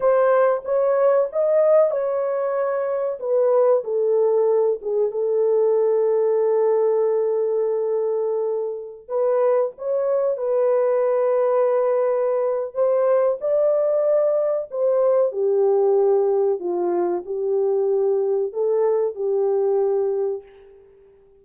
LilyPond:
\new Staff \with { instrumentName = "horn" } { \time 4/4 \tempo 4 = 94 c''4 cis''4 dis''4 cis''4~ | cis''4 b'4 a'4. gis'8 | a'1~ | a'2~ a'16 b'4 cis''8.~ |
cis''16 b'2.~ b'8. | c''4 d''2 c''4 | g'2 f'4 g'4~ | g'4 a'4 g'2 | }